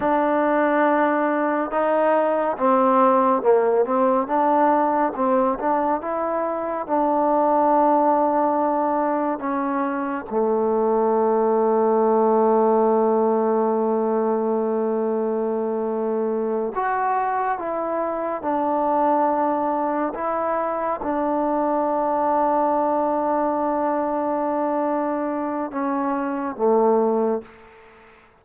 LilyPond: \new Staff \with { instrumentName = "trombone" } { \time 4/4 \tempo 4 = 70 d'2 dis'4 c'4 | ais8 c'8 d'4 c'8 d'8 e'4 | d'2. cis'4 | a1~ |
a2.~ a8 fis'8~ | fis'8 e'4 d'2 e'8~ | e'8 d'2.~ d'8~ | d'2 cis'4 a4 | }